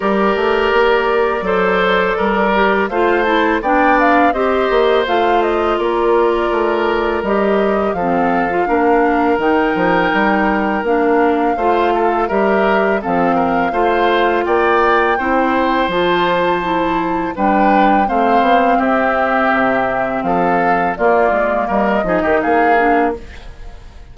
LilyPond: <<
  \new Staff \with { instrumentName = "flute" } { \time 4/4 \tempo 4 = 83 d''1 | f''8 a''8 g''8 f''8 dis''4 f''8 dis''8 | d''2 dis''4 f''4~ | f''4 g''2 f''4~ |
f''4 e''4 f''2 | g''2 a''2 | g''4 f''4 e''2 | f''4 d''4 dis''4 f''4 | }
  \new Staff \with { instrumentName = "oboe" } { \time 4/4 ais'2 c''4 ais'4 | c''4 d''4 c''2 | ais'2. a'4 | ais'1 |
c''8 a'8 ais'4 a'8 ais'8 c''4 | d''4 c''2. | b'4 c''4 g'2 | a'4 f'4 ais'8 gis'16 g'16 gis'4 | }
  \new Staff \with { instrumentName = "clarinet" } { \time 4/4 g'2 a'4. g'8 | f'8 e'8 d'4 g'4 f'4~ | f'2 g'4 c'8. f'16 | d'4 dis'2 d'4 |
f'4 g'4 c'4 f'4~ | f'4 e'4 f'4 e'4 | d'4 c'2.~ | c'4 ais4. dis'4 d'8 | }
  \new Staff \with { instrumentName = "bassoon" } { \time 4/4 g8 a8 ais4 fis4 g4 | a4 b4 c'8 ais8 a4 | ais4 a4 g4 f4 | ais4 dis8 f8 g4 ais4 |
a4 g4 f4 a4 | ais4 c'4 f2 | g4 a8 b8 c'4 c4 | f4 ais8 gis8 g8 f16 dis16 ais4 | }
>>